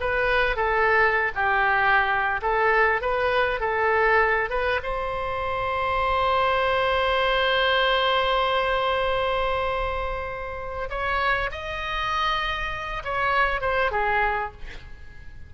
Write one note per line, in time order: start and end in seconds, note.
0.00 0.56 B4
0.56 1.32 A4
1.35 2.41 G4
2.42 3.01 A4
3.01 3.60 B4
3.60 4.50 A4
4.50 4.80 B4
4.83 10.89 C5
10.90 11.50 C#5
11.51 13.03 D#5
13.04 13.61 C#5
13.61 13.91 C5
13.91 14.52 G#4